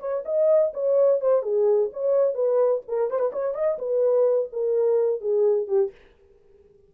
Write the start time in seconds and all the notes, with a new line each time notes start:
0.00 C#5
0.26 D#5
0.74 C#5
1.21 C5
1.43 G#4
1.93 C#5
2.35 B4
2.89 A#4
3.11 C5
3.20 B4
3.33 C#5
3.55 D#5
3.79 B4
4.53 A#4
5.21 G#4
5.68 G4